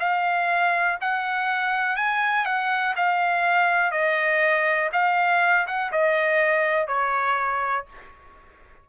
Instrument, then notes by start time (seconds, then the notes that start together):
trumpet
0.00 F5
1.01 F#5
1.96 G#5
2.45 F#5
2.96 F5
3.91 D#5
4.93 F5
5.67 F#5
5.92 D#5
6.87 C#5